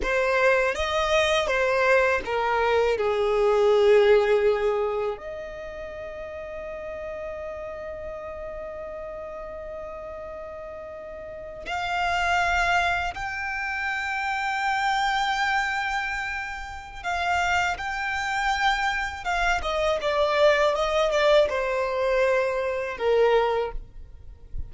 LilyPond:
\new Staff \with { instrumentName = "violin" } { \time 4/4 \tempo 4 = 81 c''4 dis''4 c''4 ais'4 | gis'2. dis''4~ | dis''1~ | dis''2.~ dis''8. f''16~ |
f''4.~ f''16 g''2~ g''16~ | g''2. f''4 | g''2 f''8 dis''8 d''4 | dis''8 d''8 c''2 ais'4 | }